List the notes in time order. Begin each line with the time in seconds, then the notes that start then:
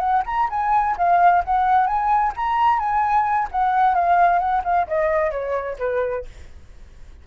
0.00 F#5
0.26 A#5
0.50 G#5
0.98 F5
1.45 F#5
1.87 G#5
2.37 A#5
2.79 G#5
3.52 F#5
3.95 F5
4.40 F#5
4.65 F5
4.88 D#5
5.31 C#5
5.79 B4